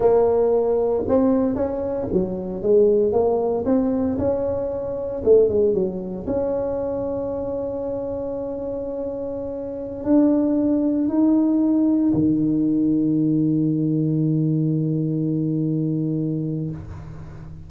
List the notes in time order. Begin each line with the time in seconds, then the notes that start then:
0.00 A#3
1.08 C4
1.55 C#4
2.12 F#3
2.62 G#3
3.12 A#3
3.65 C4
4.18 C#4
5.24 A3
5.49 G#3
5.73 F#3
6.26 C#4
10.04 D4
11.08 D#4
12.13 D#3